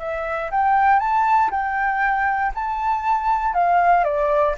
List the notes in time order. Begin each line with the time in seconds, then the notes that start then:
0.00 E5
0.51 G5
1.00 A5
1.51 G5
2.55 A5
3.54 F5
4.04 D5